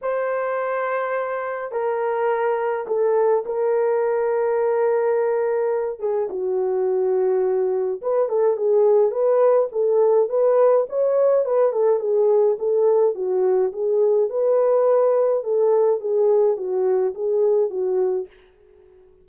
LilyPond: \new Staff \with { instrumentName = "horn" } { \time 4/4 \tempo 4 = 105 c''2. ais'4~ | ais'4 a'4 ais'2~ | ais'2~ ais'8 gis'8 fis'4~ | fis'2 b'8 a'8 gis'4 |
b'4 a'4 b'4 cis''4 | b'8 a'8 gis'4 a'4 fis'4 | gis'4 b'2 a'4 | gis'4 fis'4 gis'4 fis'4 | }